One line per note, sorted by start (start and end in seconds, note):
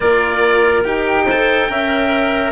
0.00 0.85 A#3
0.00 0.84 F4
0.00 1.25 A#4
0.00 0.82 D5
0.84 1.69 D#4
0.84 1.26 G4
0.84 2.52 G5
1.25 1.67 C5
1.31 1.68 A4
1.68 2.52 C#4
1.68 2.52 A#4
1.68 2.52 E5